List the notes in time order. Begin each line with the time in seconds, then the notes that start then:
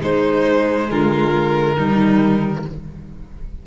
0.00 G#3 D#4 C5
0.90 D3 F4 A#4
1.77 D#3 G3 D#4